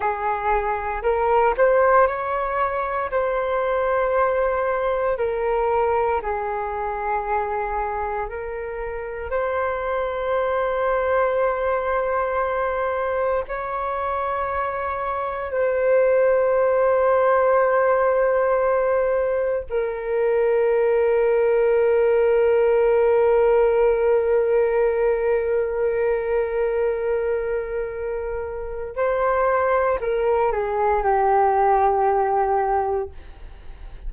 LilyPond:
\new Staff \with { instrumentName = "flute" } { \time 4/4 \tempo 4 = 58 gis'4 ais'8 c''8 cis''4 c''4~ | c''4 ais'4 gis'2 | ais'4 c''2.~ | c''4 cis''2 c''4~ |
c''2. ais'4~ | ais'1~ | ais'1 | c''4 ais'8 gis'8 g'2 | }